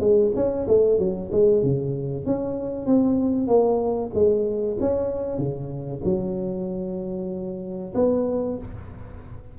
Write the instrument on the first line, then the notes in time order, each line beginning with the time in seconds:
tuba
0.00 G#3
0.36 C#4
0.68 A3
0.99 F#3
1.32 G#3
1.63 C#3
2.26 C#4
2.87 C4
3.48 A#3
4.14 G#3
4.81 C#4
5.38 C#3
6.04 F#3
7.95 B3